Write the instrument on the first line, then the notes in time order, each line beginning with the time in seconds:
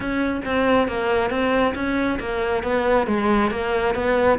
cello
0.00 C#4
0.45 C4
0.88 A#3
1.30 C4
1.74 C#4
2.19 A#3
2.63 B3
3.07 G#3
3.51 A#3
3.95 B3